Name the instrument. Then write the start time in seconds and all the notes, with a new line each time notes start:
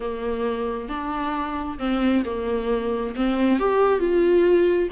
viola
0.00 A#3
0.89 D4
1.78 C4
2.25 A#3
3.15 C4
3.59 G4
3.99 F4